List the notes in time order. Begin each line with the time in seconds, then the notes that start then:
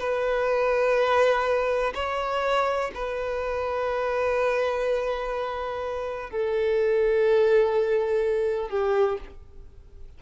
0.00 B4
1.95 C#5
2.95 B4
6.31 A4
8.70 G4